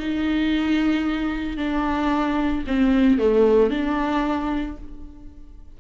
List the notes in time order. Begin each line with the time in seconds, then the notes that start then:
0.00 D#4
1.58 D4
2.68 C4
3.19 A3
3.71 D4